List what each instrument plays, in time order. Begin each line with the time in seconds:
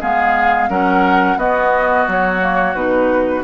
0.00 bassoon G#3, clarinet B3, oboe G#4, flute F5
0.69 bassoon F#3, clarinet C#4, oboe A#4, flute F#5
1.36 bassoon B3, clarinet B3, oboe F#4, flute D#5
2.07 bassoon F#3, flute C#5
2.40 clarinet A#3
2.74 bassoon B2, clarinet D#4, flute B4